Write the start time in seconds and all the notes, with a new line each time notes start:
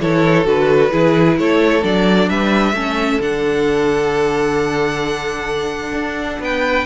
0.00 E3 E4 A4 C#5
0.45 D3 F#4 B4
0.91 E3 E4 G#4
1.38 A3 A4 C#5
1.82 F#3 D4 D5
2.29 G3 B4 E5
2.73 A3 C#4 A4
3.20 D3 D4 F#5
5.93 D4
6.40 B3 B4 G5